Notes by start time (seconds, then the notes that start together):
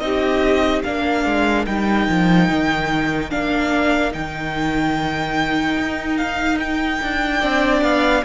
0.00 C4 D#4 G4 D#5
0.83 A#3 D4 A#4 F5
1.25 G#3
1.66 G3 D#4 G5
2.09 F3
2.50 D#3
3.31 A#3 D4 F5
4.12 D#3 D#4 G5
5.77 D#4
6.17 F5
6.60 G5
7.02 D4
7.40 C4 D4 D5
7.82 B3 F5